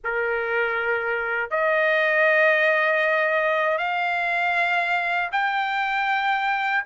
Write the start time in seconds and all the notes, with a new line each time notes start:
0.03 A#4
1.50 D#5
3.78 F5
5.32 G5